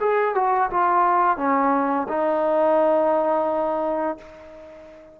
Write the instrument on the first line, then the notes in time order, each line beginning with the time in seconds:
trombone
0.00 G#4
0.35 F#4
0.70 F4
1.37 C#4
2.08 D#4